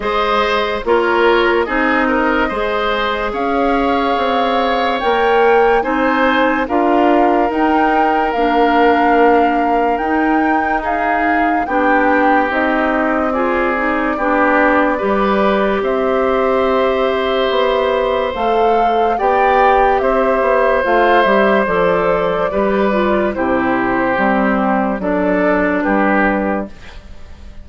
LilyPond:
<<
  \new Staff \with { instrumentName = "flute" } { \time 4/4 \tempo 4 = 72 dis''4 cis''4 dis''2 | f''2 g''4 gis''4 | f''4 g''4 f''2 | g''4 f''4 g''4 dis''4 |
d''2. e''4~ | e''2 f''4 g''4 | e''4 f''8 e''8 d''2 | c''2 d''4 b'4 | }
  \new Staff \with { instrumentName = "oboe" } { \time 4/4 c''4 ais'4 gis'8 ais'8 c''4 | cis''2. c''4 | ais'1~ | ais'4 gis'4 g'2 |
gis'4 g'4 b'4 c''4~ | c''2. d''4 | c''2. b'4 | g'2 a'4 g'4 | }
  \new Staff \with { instrumentName = "clarinet" } { \time 4/4 gis'4 f'4 dis'4 gis'4~ | gis'2 ais'4 dis'4 | f'4 dis'4 d'2 | dis'2 d'4 dis'4 |
f'8 dis'8 d'4 g'2~ | g'2 a'4 g'4~ | g'4 f'8 g'8 a'4 g'8 f'8 | e'4 c'4 d'2 | }
  \new Staff \with { instrumentName = "bassoon" } { \time 4/4 gis4 ais4 c'4 gis4 | cis'4 c'4 ais4 c'4 | d'4 dis'4 ais2 | dis'2 b4 c'4~ |
c'4 b4 g4 c'4~ | c'4 b4 a4 b4 | c'8 b8 a8 g8 f4 g4 | c4 g4 fis4 g4 | }
>>